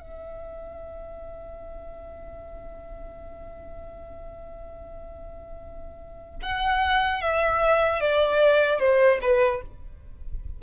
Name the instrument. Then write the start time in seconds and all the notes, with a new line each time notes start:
violin
0.00 E5
6.43 F#5
7.21 E5
8.00 D5
8.79 C5
9.22 B4